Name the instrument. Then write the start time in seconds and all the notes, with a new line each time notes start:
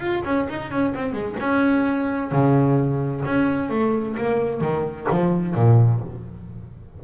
double bass
0.00 F4
0.24 C#4
0.49 D#4
0.70 C#4
0.95 C4
1.13 G#3
1.40 C#4
2.32 C#3
3.25 C#4
3.70 A3
4.17 A#3
4.61 D#3
5.10 F3
5.55 A#2